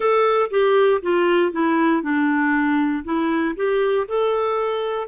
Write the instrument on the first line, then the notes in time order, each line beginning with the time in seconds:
clarinet
0.00 A4
0.50 G4
1.02 F4
1.52 E4
2.02 D4
3.04 E4
3.56 G4
4.08 A4